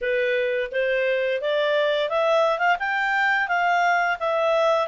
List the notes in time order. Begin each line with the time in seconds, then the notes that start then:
0.01 B4
0.71 C5
1.41 D5
2.09 E5
2.58 F5
2.79 G5
3.48 F5
4.19 E5